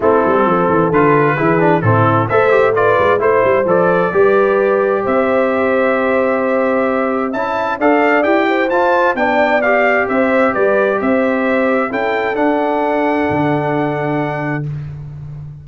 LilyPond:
<<
  \new Staff \with { instrumentName = "trumpet" } { \time 4/4 \tempo 4 = 131 a'2 b'2 | a'4 e''4 d''4 c''4 | d''2. e''4~ | e''1 |
a''4 f''4 g''4 a''4 | g''4 f''4 e''4 d''4 | e''2 g''4 fis''4~ | fis''1 | }
  \new Staff \with { instrumentName = "horn" } { \time 4/4 e'4 a'2 gis'4 | e'4 c''4 b'4 c''4~ | c''4 b'2 c''4~ | c''1 |
e''4 d''4. c''4. | d''2 c''4 b'4 | c''2 a'2~ | a'1 | }
  \new Staff \with { instrumentName = "trombone" } { \time 4/4 c'2 f'4 e'8 d'8 | c'4 a'8 g'8 f'4 e'4 | a'4 g'2.~ | g'1 |
e'4 a'4 g'4 f'4 | d'4 g'2.~ | g'2 e'4 d'4~ | d'1 | }
  \new Staff \with { instrumentName = "tuba" } { \time 4/4 a8 g8 f8 e8 d4 e4 | a,4 a4. gis8 a8 g8 | f4 g2 c'4~ | c'1 |
cis'4 d'4 e'4 f'4 | b2 c'4 g4 | c'2 cis'4 d'4~ | d'4 d2. | }
>>